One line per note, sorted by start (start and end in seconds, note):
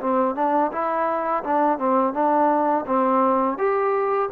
0.00 0.35 C4
0.35 0.71 D4
0.72 1.43 E4
1.43 1.78 D4
1.78 2.13 C4
2.13 2.85 D4
2.86 3.57 C4
3.57 4.29 G4